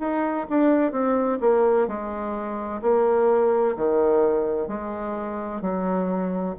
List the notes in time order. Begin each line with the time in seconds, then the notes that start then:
0.00 D#4
0.50 D4
0.92 C4
1.41 A#3
1.88 G#3
2.82 A#3
3.77 D#3
4.68 G#3
5.62 F#3